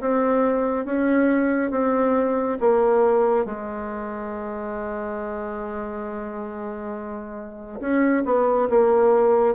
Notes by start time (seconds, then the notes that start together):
0.00 C4
0.85 C#4
1.70 C4
2.60 A#3
3.45 G#3
7.80 C#4
8.25 B3
8.69 A#3